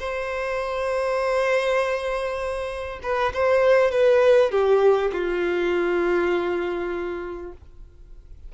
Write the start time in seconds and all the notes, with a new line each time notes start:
0.00 C5
3.03 B4
3.34 C5
3.91 B4
4.51 G4
5.13 F4